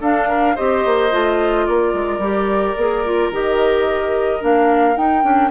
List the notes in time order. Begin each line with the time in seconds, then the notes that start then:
0.00 D4 A4 F5
0.28 A#4
0.55 C4 G4 C5 D#5
0.85 A#3
1.11 A3 F4
1.66 A#3 A#4 D5
1.93 G#3
2.18 G3 G4
2.77 A#3 G#4
3.05 F4
3.31 D#3 G4 D#5
4.40 A#3 D4 F5
4.96 D#4 G5
5.22 C#4 D4